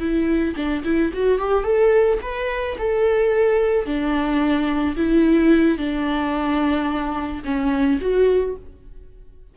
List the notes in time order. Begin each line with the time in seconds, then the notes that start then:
0.00 E4
0.56 D4
0.85 E4
1.14 F#4
1.39 G4
1.64 A4
2.22 B4
2.78 A4
3.86 D4
4.97 E4
5.78 D4
7.45 C#4
8.01 F#4